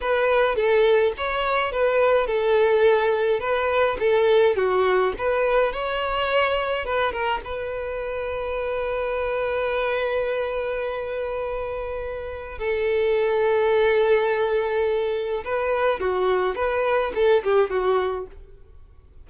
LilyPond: \new Staff \with { instrumentName = "violin" } { \time 4/4 \tempo 4 = 105 b'4 a'4 cis''4 b'4 | a'2 b'4 a'4 | fis'4 b'4 cis''2 | b'8 ais'8 b'2.~ |
b'1~ | b'2 a'2~ | a'2. b'4 | fis'4 b'4 a'8 g'8 fis'4 | }